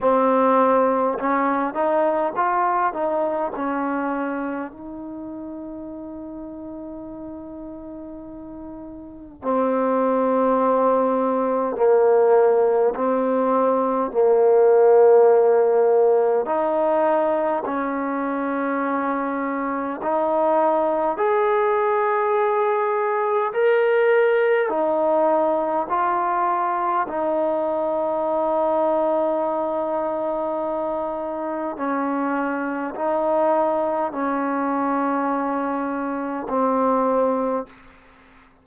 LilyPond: \new Staff \with { instrumentName = "trombone" } { \time 4/4 \tempo 4 = 51 c'4 cis'8 dis'8 f'8 dis'8 cis'4 | dis'1 | c'2 ais4 c'4 | ais2 dis'4 cis'4~ |
cis'4 dis'4 gis'2 | ais'4 dis'4 f'4 dis'4~ | dis'2. cis'4 | dis'4 cis'2 c'4 | }